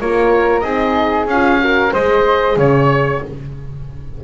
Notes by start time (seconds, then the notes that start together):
0.00 A#3 F4 A#4 C#5
0.60 C4 D#4 G#4 D#5
1.26 C#4 F4 F5
1.60 F#4 A#4
1.92 G#3 G#4 C5 D#5
2.56 C#3 C#5